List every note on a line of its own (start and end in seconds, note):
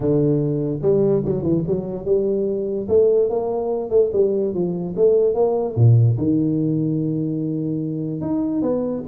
0.00 0.79 D3
0.81 1.23 G3
1.25 1.43 F#3
1.43 1.63 E3
1.67 2.05 F#3
2.05 2.87 G3
2.88 3.29 A3
3.29 3.90 A#3
3.90 4.10 A3
4.12 4.53 G3
4.53 4.94 F3
4.96 5.34 A3
5.34 5.75 A#3
5.75 6.16 A#2
6.17 8.21 D#3
8.21 8.62 D#4
8.62 9.03 B3